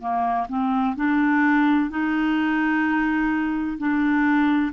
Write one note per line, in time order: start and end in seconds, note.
0.00 0.47 A#3
0.49 0.95 C4
0.96 1.90 D4
1.90 3.78 D#4
3.78 4.72 D4